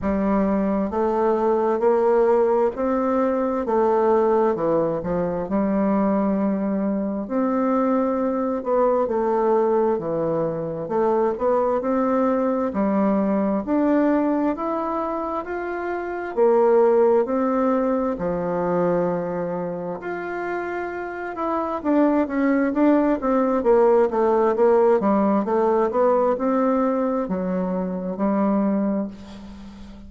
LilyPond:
\new Staff \with { instrumentName = "bassoon" } { \time 4/4 \tempo 4 = 66 g4 a4 ais4 c'4 | a4 e8 f8 g2 | c'4. b8 a4 e4 | a8 b8 c'4 g4 d'4 |
e'4 f'4 ais4 c'4 | f2 f'4. e'8 | d'8 cis'8 d'8 c'8 ais8 a8 ais8 g8 | a8 b8 c'4 fis4 g4 | }